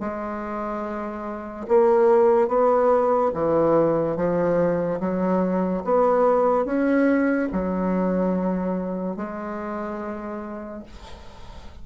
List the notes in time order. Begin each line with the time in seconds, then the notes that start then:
0.00 G#3
1.68 A#3
2.48 B3
3.34 E3
4.17 F3
5.00 F#3
5.85 B3
6.66 C#4
7.53 F#3
9.17 G#3